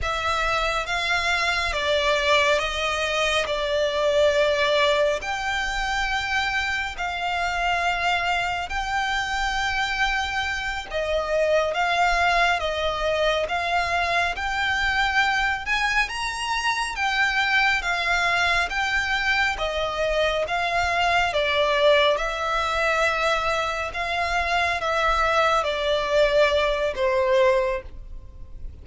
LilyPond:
\new Staff \with { instrumentName = "violin" } { \time 4/4 \tempo 4 = 69 e''4 f''4 d''4 dis''4 | d''2 g''2 | f''2 g''2~ | g''8 dis''4 f''4 dis''4 f''8~ |
f''8 g''4. gis''8 ais''4 g''8~ | g''8 f''4 g''4 dis''4 f''8~ | f''8 d''4 e''2 f''8~ | f''8 e''4 d''4. c''4 | }